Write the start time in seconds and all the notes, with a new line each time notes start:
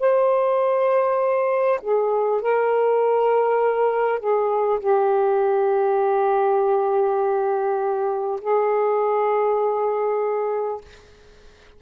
0.00 C5
1.82 G#4
2.42 A#4
4.19 G#4
4.80 G4
8.41 G#4